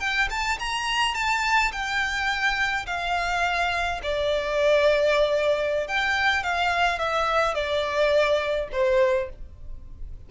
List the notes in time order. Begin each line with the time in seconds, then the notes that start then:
0.00 G5
0.30 A5
0.59 A#5
1.15 A5
1.72 G5
2.86 F5
4.03 D5
5.88 G5
6.43 F5
6.99 E5
7.55 D5
8.72 C5